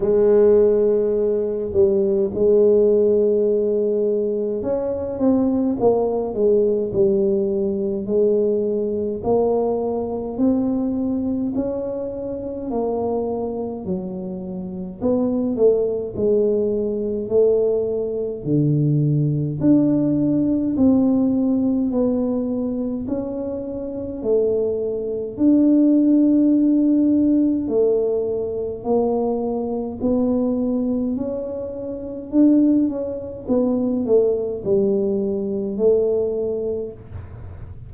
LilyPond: \new Staff \with { instrumentName = "tuba" } { \time 4/4 \tempo 4 = 52 gis4. g8 gis2 | cis'8 c'8 ais8 gis8 g4 gis4 | ais4 c'4 cis'4 ais4 | fis4 b8 a8 gis4 a4 |
d4 d'4 c'4 b4 | cis'4 a4 d'2 | a4 ais4 b4 cis'4 | d'8 cis'8 b8 a8 g4 a4 | }